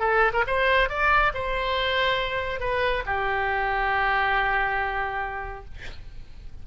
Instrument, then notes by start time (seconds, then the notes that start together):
oboe
0.00 A4
0.34 A#4
0.47 C5
0.89 D5
1.34 C5
2.60 B4
3.06 G4